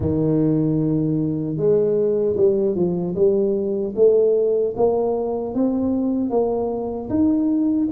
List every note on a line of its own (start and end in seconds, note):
0.00 1.56 D#3
1.56 2.35 G#3
2.36 2.75 G3
2.75 3.14 F3
3.15 3.94 G3
3.95 4.74 A3
4.76 5.54 A#3
5.54 6.30 C4
6.30 7.09 A#3
7.09 7.88 D#4